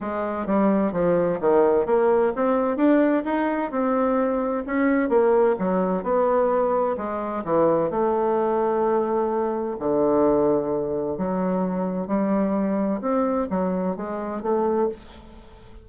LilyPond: \new Staff \with { instrumentName = "bassoon" } { \time 4/4 \tempo 4 = 129 gis4 g4 f4 dis4 | ais4 c'4 d'4 dis'4 | c'2 cis'4 ais4 | fis4 b2 gis4 |
e4 a2.~ | a4 d2. | fis2 g2 | c'4 fis4 gis4 a4 | }